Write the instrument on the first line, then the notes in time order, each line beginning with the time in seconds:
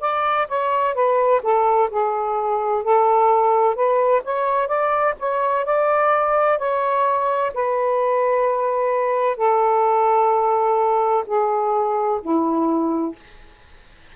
saxophone
0.00 D5
0.48 C#5
0.94 B4
1.42 A4
1.90 G#4
2.83 A4
3.75 B4
4.24 C#5
4.67 D5
5.19 C#5
5.65 D5
6.58 C#5
7.54 B4
9.37 A4
11.26 G#4
12.22 E4